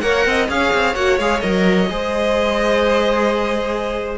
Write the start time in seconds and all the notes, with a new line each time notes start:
0.00 A#3 A#4 C#5 F#5
0.25 C4 D#5
0.48 C#4 G#4 C#5 F5
0.74 C4
0.95 A#3 F#4 F#5
1.19 G#3 G#4 F5
1.40 F#3 A#4 D#5
1.89 G#3 G#4 C5